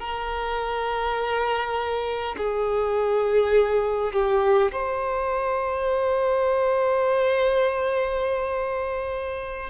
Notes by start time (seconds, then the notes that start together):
0.00 A#4
2.37 G#4
4.13 G4
4.72 C5